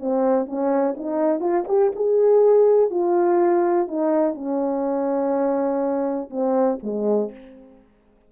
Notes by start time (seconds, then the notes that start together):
0.00 C4
0.46 C#4
0.97 D#4
1.40 F4
1.67 G4
1.95 G#4
2.90 F4
3.87 D#4
4.34 C#4
6.30 C4
6.83 G#3